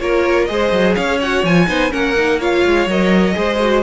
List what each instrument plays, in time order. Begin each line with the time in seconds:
0.00 cello A#3, viola F4, violin A#4 C#5
0.46 cello G#3, viola G#4, violin D#5
0.52 violin C5
0.72 cello F#3
0.96 cello C#4, violin C#5 F5
1.22 viola F#4, violin F#5
1.44 cello F3, viola F4, violin G#5
1.68 cello B3, viola D#4, violin C5
1.91 cello A#3, viola C#4, violin A#4 F#5
2.18 viola D#4
2.40 viola F4, violin C#5 F5
2.66 cello G#3
2.87 cello F#3, viola A#4, violin D#5
3.34 cello G#3, viola G#4, violin C5
3.61 viola F#4